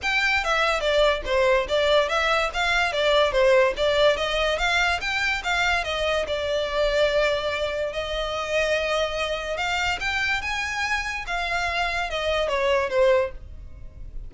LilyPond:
\new Staff \with { instrumentName = "violin" } { \time 4/4 \tempo 4 = 144 g''4 e''4 d''4 c''4 | d''4 e''4 f''4 d''4 | c''4 d''4 dis''4 f''4 | g''4 f''4 dis''4 d''4~ |
d''2. dis''4~ | dis''2. f''4 | g''4 gis''2 f''4~ | f''4 dis''4 cis''4 c''4 | }